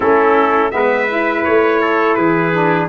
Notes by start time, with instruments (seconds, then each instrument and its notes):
0.00 tuba A3, saxophone C#4, trumpet E4 A4
0.71 tuba G#3, saxophone B3, trumpet B4 E5
1.09 saxophone E4
1.44 tuba A3, trumpet C#5
1.81 trumpet A4
2.14 tuba E3, trumpet G#4 B4
2.52 saxophone D4